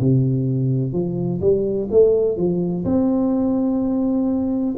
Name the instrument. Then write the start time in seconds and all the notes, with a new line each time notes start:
tuba
0.00 C3
0.93 F3
1.41 G3
1.91 A3
2.37 F3
2.85 C4